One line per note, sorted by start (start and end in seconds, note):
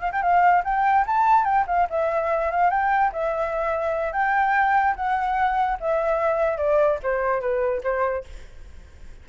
0.00 0.10 F5
0.12 0.22 G5
0.22 0.63 F5
0.64 1.05 G5
1.06 1.44 A5
1.44 1.65 G5
1.67 1.87 F5
1.89 2.51 E5
2.51 2.70 F5
2.70 3.11 G5
3.12 4.12 E5
4.12 4.94 G5
4.95 5.78 F#5
5.80 6.57 E5
6.57 6.98 D5
7.03 7.40 C5
7.40 7.81 B4
7.83 8.24 C5